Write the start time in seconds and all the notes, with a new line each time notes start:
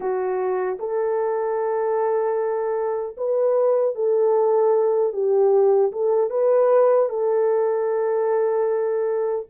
0.00 F#4
0.79 A4
3.17 B4
3.95 A4
5.12 G4
5.91 A4
6.30 B4
7.09 A4